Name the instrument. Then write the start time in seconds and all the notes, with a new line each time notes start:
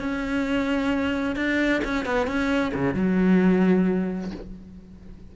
cello
0.00 C#4
1.36 D4
1.84 C#4
2.06 B3
2.27 C#4
2.74 C#3
2.94 F#3